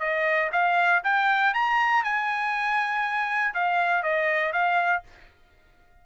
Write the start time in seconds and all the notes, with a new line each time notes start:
0.00 D#5
0.52 F5
1.04 G5
1.54 A#5
2.04 G#5
3.54 F5
4.03 D#5
4.53 F5